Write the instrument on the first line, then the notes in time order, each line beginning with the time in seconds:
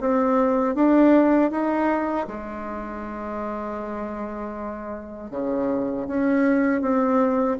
bassoon
0.00 C4
0.75 D4
1.51 D#4
2.27 G#3
5.31 C#3
6.07 C#4
6.81 C4